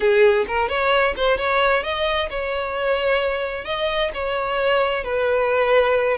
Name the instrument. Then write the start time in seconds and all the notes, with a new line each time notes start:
violin
0.00 G#4
0.47 A#4
0.68 C#5
1.16 C5
1.37 C#5
1.83 D#5
2.30 C#5
3.65 D#5
4.14 C#5
5.04 B4